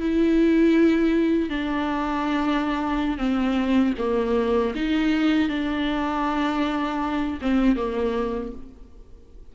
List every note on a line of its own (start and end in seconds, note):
0.00 1.50 E4
1.50 3.18 D4
3.18 3.94 C4
3.98 4.74 A#3
4.75 5.49 D#4
5.49 7.39 D4
7.42 7.76 C4
7.76 8.52 A#3